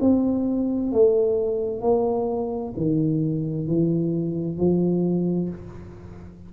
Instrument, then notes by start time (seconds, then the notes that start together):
tuba
0.00 C4
0.92 A3
1.82 A#3
2.77 D#3
3.67 E3
4.57 F3